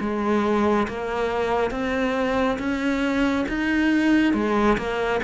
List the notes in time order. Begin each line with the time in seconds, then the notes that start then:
0.00 G#3
0.88 A#3
1.71 C4
2.59 C#4
3.48 D#4
4.34 G#3
4.77 A#3